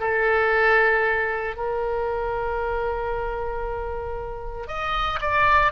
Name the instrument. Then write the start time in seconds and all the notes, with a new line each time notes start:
oboe
0.00 A4
1.57 A#4
4.67 D#5
5.21 D5